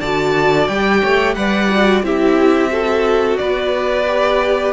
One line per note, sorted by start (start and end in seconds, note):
0.00 0.68 D3
0.00 0.70 F#4
0.00 1.01 D5
0.00 0.67 A5
0.67 1.02 G3
0.67 1.36 G4
0.67 1.34 G5
1.01 1.36 A3
1.01 1.35 C#5
1.34 2.03 G3
1.34 1.70 B4
1.34 2.05 D5
1.34 2.02 F#5
1.70 2.03 F#4
2.03 3.37 C4
2.03 2.69 E4
2.03 2.71 G4
2.03 3.37 E5
2.69 4.04 F#4
2.69 3.39 A4
3.37 4.72 B3
3.37 4.72 B4
3.37 4.72 D5
4.07 4.72 G4